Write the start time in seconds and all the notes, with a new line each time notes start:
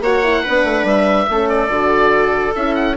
0.00 A#3 F#4 C#5 F#5
0.23 E4
0.43 B3 D4 B4
0.64 A3
0.84 G3 E5
1.29 A3 C#4 A4
1.49 D5
1.68 D3 F#4
2.55 C#4 E4 E5
2.74 F#5